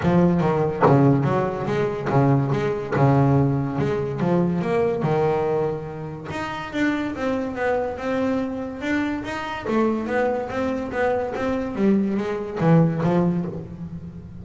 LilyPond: \new Staff \with { instrumentName = "double bass" } { \time 4/4 \tempo 4 = 143 f4 dis4 cis4 fis4 | gis4 cis4 gis4 cis4~ | cis4 gis4 f4 ais4 | dis2. dis'4 |
d'4 c'4 b4 c'4~ | c'4 d'4 dis'4 a4 | b4 c'4 b4 c'4 | g4 gis4 e4 f4 | }